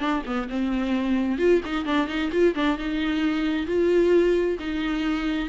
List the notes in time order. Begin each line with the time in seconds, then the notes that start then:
0.00 D4
0.26 B3
0.50 C4
1.39 F4
1.66 D#4
1.86 D4
2.08 D#4
2.32 F4
2.55 D4
2.78 D#4
3.67 F4
4.60 D#4